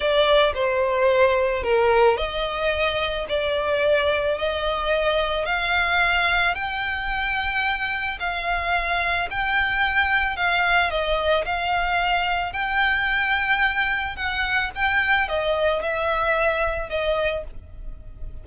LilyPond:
\new Staff \with { instrumentName = "violin" } { \time 4/4 \tempo 4 = 110 d''4 c''2 ais'4 | dis''2 d''2 | dis''2 f''2 | g''2. f''4~ |
f''4 g''2 f''4 | dis''4 f''2 g''4~ | g''2 fis''4 g''4 | dis''4 e''2 dis''4 | }